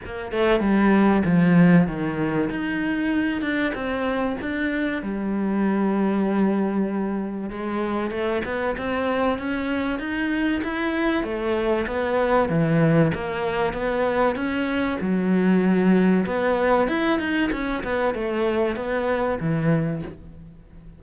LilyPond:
\new Staff \with { instrumentName = "cello" } { \time 4/4 \tempo 4 = 96 ais8 a8 g4 f4 dis4 | dis'4. d'8 c'4 d'4 | g1 | gis4 a8 b8 c'4 cis'4 |
dis'4 e'4 a4 b4 | e4 ais4 b4 cis'4 | fis2 b4 e'8 dis'8 | cis'8 b8 a4 b4 e4 | }